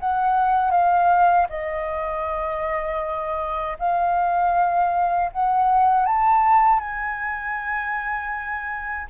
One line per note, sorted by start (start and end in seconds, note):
0.00 0.71 F#5
0.71 1.47 F5
1.49 3.77 D#5
3.79 5.31 F5
5.32 6.06 F#5
6.06 6.80 A5
6.80 9.08 G#5